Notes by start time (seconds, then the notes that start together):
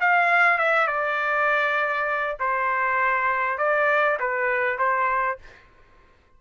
0.00 F5
0.58 E5
0.87 D5
2.39 C5
3.58 D5
4.19 B4
4.78 C5